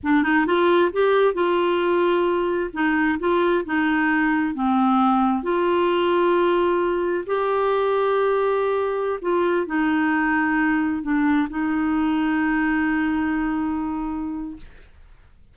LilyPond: \new Staff \with { instrumentName = "clarinet" } { \time 4/4 \tempo 4 = 132 d'8 dis'8 f'4 g'4 f'4~ | f'2 dis'4 f'4 | dis'2 c'2 | f'1 |
g'1~ | g'16 f'4 dis'2~ dis'8.~ | dis'16 d'4 dis'2~ dis'8.~ | dis'1 | }